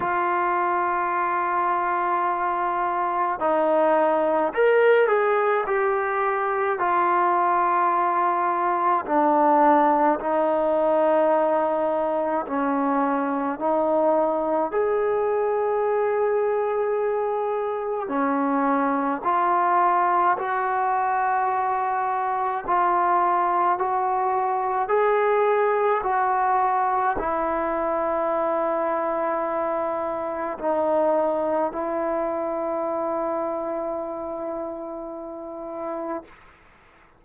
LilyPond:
\new Staff \with { instrumentName = "trombone" } { \time 4/4 \tempo 4 = 53 f'2. dis'4 | ais'8 gis'8 g'4 f'2 | d'4 dis'2 cis'4 | dis'4 gis'2. |
cis'4 f'4 fis'2 | f'4 fis'4 gis'4 fis'4 | e'2. dis'4 | e'1 | }